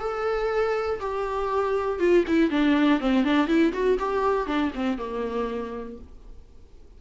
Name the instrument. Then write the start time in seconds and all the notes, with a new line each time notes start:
viola
0.00 A4
1.00 G4
2.00 F4
2.27 E4
2.50 D4
3.00 C4
3.25 D4
3.48 E4
3.73 F#4
4.00 G4
4.47 D4
4.75 C4
4.98 A#3